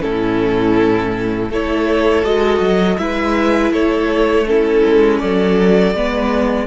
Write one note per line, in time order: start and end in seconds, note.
0.00 1.50 A2
0.00 1.48 C#4
0.00 1.50 E4
0.00 1.50 A4
1.50 2.24 A3
1.50 2.25 E4
1.50 2.98 A4
1.50 2.24 C#5
2.24 2.60 G#3
2.24 2.99 F#4
2.24 2.98 D#5
2.60 2.97 F#3
2.98 3.71 G#3
2.98 4.47 E4
2.98 3.73 B4
2.98 3.72 E5
3.71 4.83 A3
3.71 4.47 A4
3.71 4.47 C#5
4.47 5.95 C#4
4.47 5.22 E4
4.47 5.19 A4
4.85 5.22 G#3
5.19 5.94 F#3
5.19 5.96 A4
5.19 6.67 D5
5.94 6.67 G#3
5.94 6.67 B3
5.94 6.67 B4